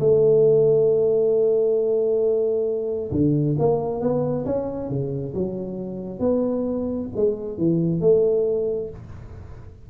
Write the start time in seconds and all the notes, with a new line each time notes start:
0.00 A3
3.12 D3
3.59 A#3
4.01 B3
4.45 C#4
4.89 C#3
5.34 F#3
6.20 B3
7.16 G#3
7.58 E3
8.01 A3